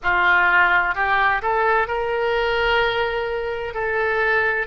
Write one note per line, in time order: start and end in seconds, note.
0.03 0.94 F4
0.94 1.41 G4
1.42 1.87 A4
1.87 3.74 A#4
3.74 4.66 A4